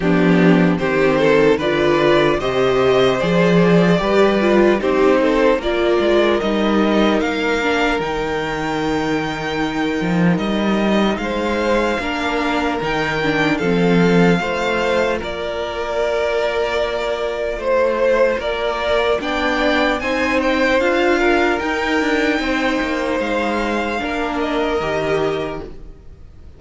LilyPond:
<<
  \new Staff \with { instrumentName = "violin" } { \time 4/4 \tempo 4 = 75 g'4 c''4 d''4 dis''4 | d''2 c''4 d''4 | dis''4 f''4 g''2~ | g''4 dis''4 f''2 |
g''4 f''2 d''4~ | d''2 c''4 d''4 | g''4 gis''8 g''8 f''4 g''4~ | g''4 f''4. dis''4. | }
  \new Staff \with { instrumentName = "violin" } { \time 4/4 d'4 g'8 a'8 b'4 c''4~ | c''4 b'4 g'8 a'8 ais'4~ | ais'1~ | ais'2 c''4 ais'4~ |
ais'4 a'4 c''4 ais'4~ | ais'2 c''4 ais'4 | d''4 c''4. ais'4. | c''2 ais'2 | }
  \new Staff \with { instrumentName = "viola" } { \time 4/4 b4 c'4 f'4 g'4 | gis'4 g'8 f'8 dis'4 f'4 | dis'4. d'8 dis'2~ | dis'2. d'4 |
dis'8 d'8 c'4 f'2~ | f'1 | d'4 dis'4 f'4 dis'4~ | dis'2 d'4 g'4 | }
  \new Staff \with { instrumentName = "cello" } { \time 4/4 f4 dis4 d4 c4 | f4 g4 c'4 ais8 gis8 | g4 ais4 dis2~ | dis8 f8 g4 gis4 ais4 |
dis4 f4 a4 ais4~ | ais2 a4 ais4 | b4 c'4 d'4 dis'8 d'8 | c'8 ais8 gis4 ais4 dis4 | }
>>